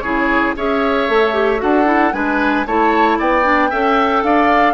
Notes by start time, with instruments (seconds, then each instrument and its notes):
0.00 bassoon C#3, clarinet E4, oboe G#4, flute C#5
0.56 bassoon C#4, clarinet G#4, oboe C#5, flute E5
1.08 bassoon A3, clarinet A4
1.33 clarinet G4
1.57 bassoon D4, clarinet F#4, oboe A4, flute F#5
1.85 clarinet E4
2.13 bassoon G#3, clarinet D4, oboe B4, flute G#5
2.65 bassoon A3, clarinet E4, oboe C#5, flute A5
3.18 bassoon B3, oboe D5, flute G5
3.43 clarinet D4
3.70 bassoon C#4, clarinet A4, oboe E5
4.23 bassoon D4, oboe D5, flute F5